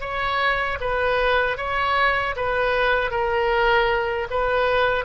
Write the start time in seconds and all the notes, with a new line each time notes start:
0.00 C#5
0.80 B4
1.57 C#5
2.36 B4
3.10 A#4
4.30 B4